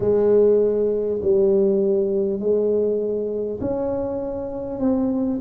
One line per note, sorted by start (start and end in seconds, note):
0.00 1.20 G#3
1.22 2.39 G3
2.39 3.59 G#3
3.61 4.79 C#4
4.79 5.39 C4